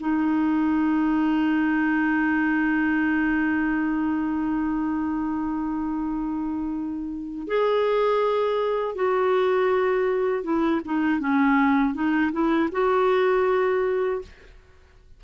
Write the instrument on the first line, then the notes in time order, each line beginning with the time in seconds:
clarinet
0.00 D#4
7.47 G#4
8.95 F#4
10.44 E4
10.85 D#4
11.20 C#4
11.94 D#4
12.32 E4
12.72 F#4